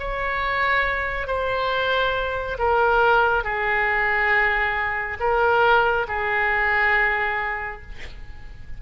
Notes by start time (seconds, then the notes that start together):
0.00 C#5
1.27 C5
2.58 A#4
3.44 G#4
5.20 A#4
6.08 G#4